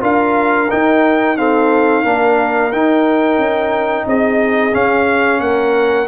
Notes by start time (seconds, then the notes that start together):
0.00 D4 F4 A#4 F5
0.69 D#4 G5
1.37 C4 A4 F5
2.03 A#3 D4 A#4
2.72 D#4 G5
3.37 C#4
4.06 C4 G#4 D#5
4.72 C#4 F5
5.40 A#3 A#4 F#5